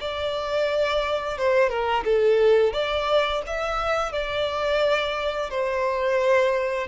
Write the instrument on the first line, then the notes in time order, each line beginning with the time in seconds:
violin
0.00 D5
1.38 C5
1.69 A#4
2.04 A4
2.73 D5
3.46 E5
4.12 D5
5.50 C5